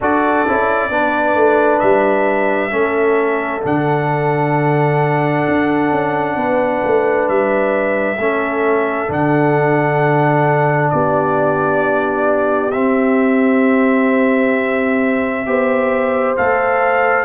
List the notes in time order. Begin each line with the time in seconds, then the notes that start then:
0.00 D4 F#4 A4 D5
0.47 C#4 E4
0.89 B3 D4 B4
1.34 A3
1.79 G3 E5
2.70 A3 C#4 A4
3.62 D3 D4 F#5
5.48 D4
5.91 C#4
6.36 B3 B4
6.84 A3
7.28 G3 E5
8.17 A3 C#4 A4
9.08 D3 D4 F#5
10.90 B3 G4 D5
12.71 C4 E5
15.46 B3 G4 C5
16.37 A3 A4 F5